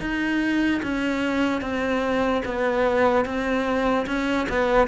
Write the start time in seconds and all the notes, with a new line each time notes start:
0.00 D#4
0.82 C#4
1.61 C4
2.45 B3
3.25 C4
4.06 C#4
4.49 B3